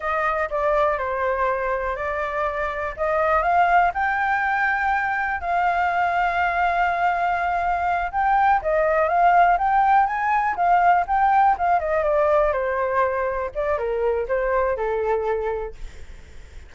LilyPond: \new Staff \with { instrumentName = "flute" } { \time 4/4 \tempo 4 = 122 dis''4 d''4 c''2 | d''2 dis''4 f''4 | g''2. f''4~ | f''1~ |
f''8 g''4 dis''4 f''4 g''8~ | g''8 gis''4 f''4 g''4 f''8 | dis''8 d''4 c''2 d''8 | ais'4 c''4 a'2 | }